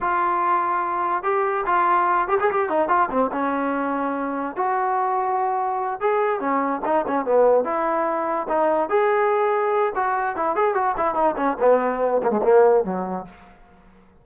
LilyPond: \new Staff \with { instrumentName = "trombone" } { \time 4/4 \tempo 4 = 145 f'2. g'4 | f'4. g'16 gis'16 g'8 dis'8 f'8 c'8 | cis'2. fis'4~ | fis'2~ fis'8 gis'4 cis'8~ |
cis'8 dis'8 cis'8 b4 e'4.~ | e'8 dis'4 gis'2~ gis'8 | fis'4 e'8 gis'8 fis'8 e'8 dis'8 cis'8 | b4. ais16 gis16 ais4 fis4 | }